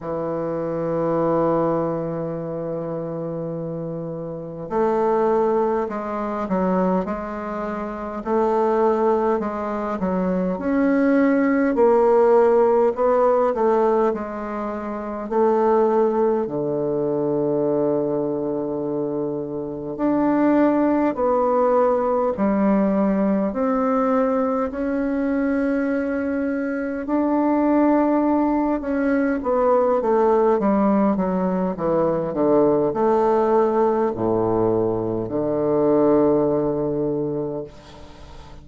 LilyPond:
\new Staff \with { instrumentName = "bassoon" } { \time 4/4 \tempo 4 = 51 e1 | a4 gis8 fis8 gis4 a4 | gis8 fis8 cis'4 ais4 b8 a8 | gis4 a4 d2~ |
d4 d'4 b4 g4 | c'4 cis'2 d'4~ | d'8 cis'8 b8 a8 g8 fis8 e8 d8 | a4 a,4 d2 | }